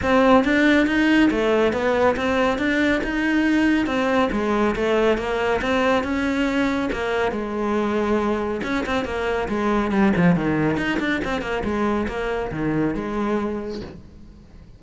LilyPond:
\new Staff \with { instrumentName = "cello" } { \time 4/4 \tempo 4 = 139 c'4 d'4 dis'4 a4 | b4 c'4 d'4 dis'4~ | dis'4 c'4 gis4 a4 | ais4 c'4 cis'2 |
ais4 gis2. | cis'8 c'8 ais4 gis4 g8 f8 | dis4 dis'8 d'8 c'8 ais8 gis4 | ais4 dis4 gis2 | }